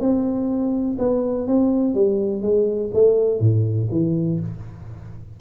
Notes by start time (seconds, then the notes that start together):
0.00 C4
0.98 B3
1.47 C4
1.94 G3
2.42 G#3
2.94 A3
3.40 A2
3.91 E3